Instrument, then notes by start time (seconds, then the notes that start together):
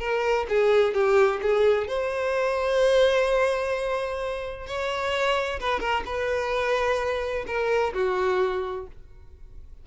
violin
0.00 A#4
0.49 G#4
0.94 G4
1.42 G#4
1.88 C5
4.67 C#5
5.60 B4
5.80 A#4
6.06 B4
7.47 A#4
7.94 F#4